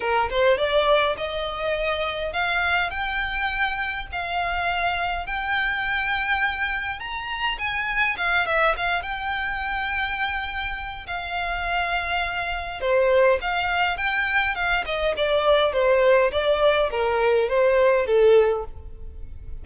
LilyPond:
\new Staff \with { instrumentName = "violin" } { \time 4/4 \tempo 4 = 103 ais'8 c''8 d''4 dis''2 | f''4 g''2 f''4~ | f''4 g''2. | ais''4 gis''4 f''8 e''8 f''8 g''8~ |
g''2. f''4~ | f''2 c''4 f''4 | g''4 f''8 dis''8 d''4 c''4 | d''4 ais'4 c''4 a'4 | }